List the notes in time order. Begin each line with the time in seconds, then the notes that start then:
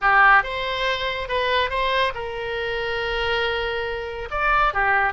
0.01 G4
0.43 C5
1.28 B4
1.69 C5
2.14 A#4
4.30 D5
4.73 G4